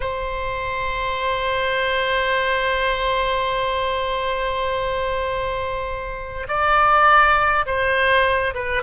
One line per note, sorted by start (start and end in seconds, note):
0.00 6.47 C5
6.48 7.65 D5
7.66 8.54 C5
8.54 8.82 B4